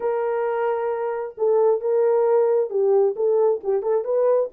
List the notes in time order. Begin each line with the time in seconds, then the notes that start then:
0.00 A#4
1.37 A4
1.80 A#4
2.69 G4
3.16 A4
3.63 G4
3.82 A4
4.04 B4